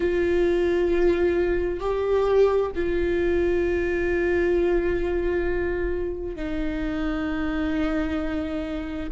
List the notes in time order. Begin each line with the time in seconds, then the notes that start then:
0.00 F4
1.80 G4
2.75 F4
6.36 D#4